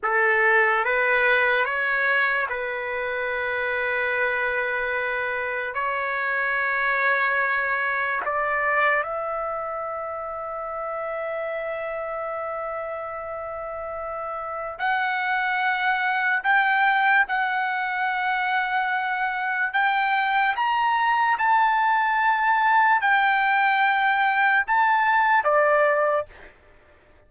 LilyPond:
\new Staff \with { instrumentName = "trumpet" } { \time 4/4 \tempo 4 = 73 a'4 b'4 cis''4 b'4~ | b'2. cis''4~ | cis''2 d''4 e''4~ | e''1~ |
e''2 fis''2 | g''4 fis''2. | g''4 ais''4 a''2 | g''2 a''4 d''4 | }